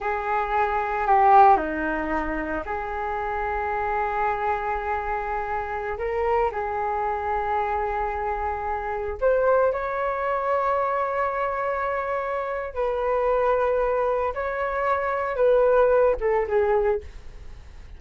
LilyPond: \new Staff \with { instrumentName = "flute" } { \time 4/4 \tempo 4 = 113 gis'2 g'4 dis'4~ | dis'4 gis'2.~ | gis'2.~ gis'16 ais'8.~ | ais'16 gis'2.~ gis'8.~ |
gis'4~ gis'16 c''4 cis''4.~ cis''16~ | cis''1 | b'2. cis''4~ | cis''4 b'4. a'8 gis'4 | }